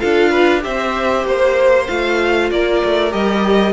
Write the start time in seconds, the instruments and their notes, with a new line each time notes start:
0.00 cello D4, viola F4, violin A4 F5
0.30 violin B4
0.61 cello C4, viola G4, violin C5 E5
1.25 cello A#3, violin C5
1.88 cello A3, viola F4, violin F5
2.51 cello A#3, violin A#4 D5
2.85 cello A3
3.10 cello G3, viola G4, violin D#5